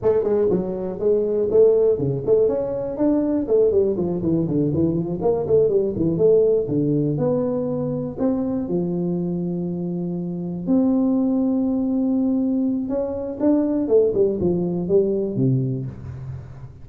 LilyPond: \new Staff \with { instrumentName = "tuba" } { \time 4/4 \tempo 4 = 121 a8 gis8 fis4 gis4 a4 | cis8 a8 cis'4 d'4 a8 g8 | f8 e8 d8 e8 f8 ais8 a8 g8 | e8 a4 d4 b4.~ |
b8 c'4 f2~ f8~ | f4. c'2~ c'8~ | c'2 cis'4 d'4 | a8 g8 f4 g4 c4 | }